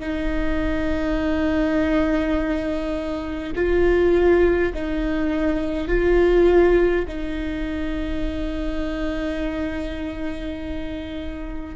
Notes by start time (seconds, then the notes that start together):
0.00 D#4
3.56 F4
4.74 D#4
5.88 F4
7.08 D#4